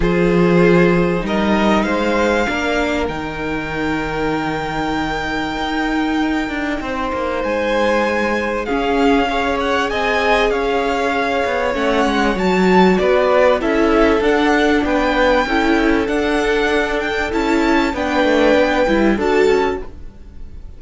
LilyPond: <<
  \new Staff \with { instrumentName = "violin" } { \time 4/4 \tempo 4 = 97 c''2 dis''4 f''4~ | f''4 g''2.~ | g''1 | gis''2 f''4. fis''8 |
gis''4 f''2 fis''4 | a''4 d''4 e''4 fis''4 | g''2 fis''4. g''8 | a''4 g''2 a''4 | }
  \new Staff \with { instrumentName = "violin" } { \time 4/4 gis'2 ais'4 c''4 | ais'1~ | ais'2. c''4~ | c''2 gis'4 cis''4 |
dis''4 cis''2.~ | cis''4 b'4 a'2 | b'4 a'2.~ | a'4 b'2 a'4 | }
  \new Staff \with { instrumentName = "viola" } { \time 4/4 f'2 dis'2 | d'4 dis'2.~ | dis'1~ | dis'2 cis'4 gis'4~ |
gis'2. cis'4 | fis'2 e'4 d'4~ | d'4 e'4 d'2 | e'4 d'4. e'8 fis'4 | }
  \new Staff \with { instrumentName = "cello" } { \time 4/4 f2 g4 gis4 | ais4 dis2.~ | dis4 dis'4. d'8 c'8 ais8 | gis2 cis'2 |
c'4 cis'4. b8 a8 gis8 | fis4 b4 cis'4 d'4 | b4 cis'4 d'2 | cis'4 b8 a8 b8 g8 d'8 cis'8 | }
>>